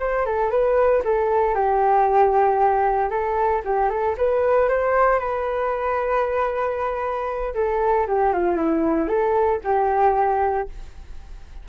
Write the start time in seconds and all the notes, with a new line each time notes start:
0.00 C5
0.26 A4
0.51 B4
1.05 A4
1.55 G4
3.10 A4
3.65 G4
3.90 A4
4.18 B4
4.69 C5
5.20 B4
7.55 A4
8.08 G4
8.34 F4
8.57 E4
9.08 A4
9.64 G4